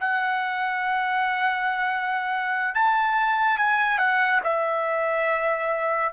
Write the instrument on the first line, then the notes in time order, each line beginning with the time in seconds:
trumpet
0.00 F#5
2.75 A5
3.58 G#5
3.98 F#5
4.44 E5